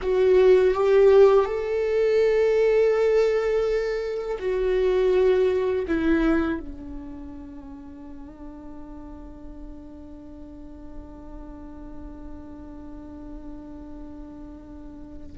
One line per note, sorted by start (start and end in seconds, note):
0.02 0.74 F#4
0.74 1.45 G4
1.45 4.37 A4
4.39 5.85 F#4
5.87 6.59 E4
6.59 15.37 D4